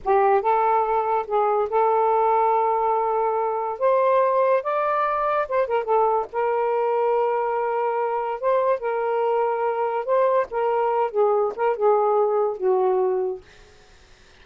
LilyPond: \new Staff \with { instrumentName = "saxophone" } { \time 4/4 \tempo 4 = 143 g'4 a'2 gis'4 | a'1~ | a'4 c''2 d''4~ | d''4 c''8 ais'8 a'4 ais'4~ |
ais'1 | c''4 ais'2. | c''4 ais'4. gis'4 ais'8 | gis'2 fis'2 | }